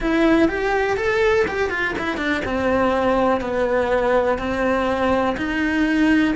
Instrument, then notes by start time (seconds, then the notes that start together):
cello
0.00 E4
0.48 G4
0.96 A4
1.47 G4
1.70 F4
1.98 E4
2.17 D4
2.44 C4
3.40 B3
4.38 C4
5.37 D#4